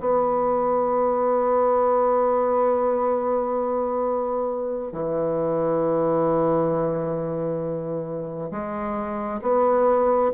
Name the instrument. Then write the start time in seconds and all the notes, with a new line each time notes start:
bassoon
0.00 B3
4.93 E3
8.52 G#3
9.42 B3